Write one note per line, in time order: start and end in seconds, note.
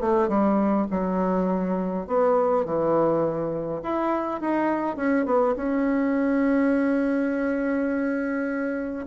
0.00 0.28 A3
0.28 0.86 G3
0.90 2.07 F#3
2.07 2.65 B3
2.65 3.82 E3
3.83 4.41 E4
4.41 4.96 D#4
4.96 5.25 C#4
5.26 5.55 B3
5.56 9.06 C#4